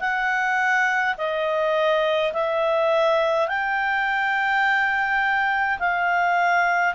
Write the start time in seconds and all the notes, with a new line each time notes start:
0.00 F#5
1.18 D#5
2.33 E5
3.48 G5
5.80 F5